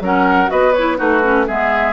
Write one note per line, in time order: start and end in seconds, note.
0.00 0.48 F#3
0.00 0.47 C#4
0.00 0.51 A#4
0.00 0.50 F#5
0.47 0.99 B3
0.47 0.71 F#4
0.47 0.97 B4
0.47 0.73 D#5
0.73 0.97 E4
0.73 0.97 C#5
0.97 1.48 A3
0.97 1.21 D#4
0.97 1.46 F#4
0.97 1.46 B4
1.23 1.47 C#4
1.47 1.92 G#3
1.47 1.92 B3
1.47 1.92 G#4
1.47 1.92 E5